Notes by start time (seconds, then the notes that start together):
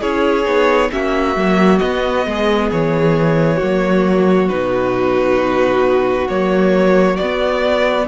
0.00 C#4 E4 G#4 C#5
0.44 B3 D#4
0.90 A#3 C#4 F#4 E5
1.35 F#3 A#3
1.78 B3 D#5
2.26 G#3 G#4
2.71 E3 C#5
3.56 F#3 A#3 F#4
4.48 B2 D#4 B4
6.28 F#3 A#3 C#5
7.16 B3 D5
7.22 B3